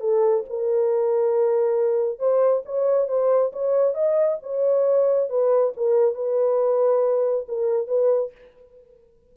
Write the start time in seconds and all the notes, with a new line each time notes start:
0.00 A4
0.49 A#4
2.19 C5
2.65 C#5
3.08 C5
3.52 C#5
3.94 D#5
4.42 C#5
5.29 B4
5.76 A#4
6.14 B4
7.48 A#4
7.87 B4